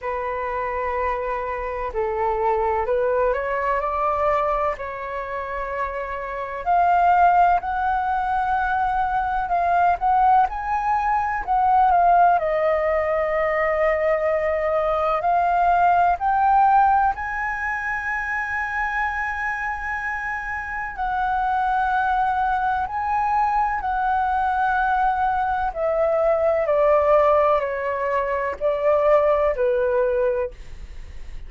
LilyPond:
\new Staff \with { instrumentName = "flute" } { \time 4/4 \tempo 4 = 63 b'2 a'4 b'8 cis''8 | d''4 cis''2 f''4 | fis''2 f''8 fis''8 gis''4 | fis''8 f''8 dis''2. |
f''4 g''4 gis''2~ | gis''2 fis''2 | gis''4 fis''2 e''4 | d''4 cis''4 d''4 b'4 | }